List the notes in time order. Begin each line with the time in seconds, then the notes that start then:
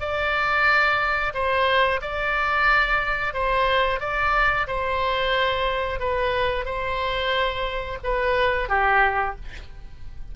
0.00 D5
1.34 C5
2.02 D5
3.34 C5
4.00 D5
4.67 C5
5.99 B4
6.65 C5
8.03 B4
8.69 G4